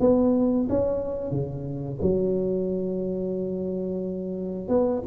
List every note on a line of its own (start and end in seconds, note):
0.00 0.67 B3
0.69 1.31 C#4
1.31 1.99 C#3
2.01 4.68 F#3
4.68 5.02 B3